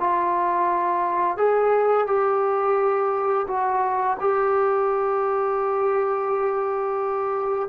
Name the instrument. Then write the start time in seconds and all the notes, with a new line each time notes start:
trombone
0.00 F4
1.38 G#4
2.07 G4
3.48 F#4
4.21 G4